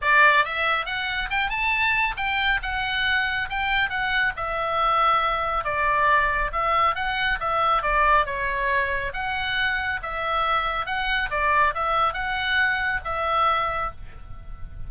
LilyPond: \new Staff \with { instrumentName = "oboe" } { \time 4/4 \tempo 4 = 138 d''4 e''4 fis''4 g''8 a''8~ | a''4 g''4 fis''2 | g''4 fis''4 e''2~ | e''4 d''2 e''4 |
fis''4 e''4 d''4 cis''4~ | cis''4 fis''2 e''4~ | e''4 fis''4 d''4 e''4 | fis''2 e''2 | }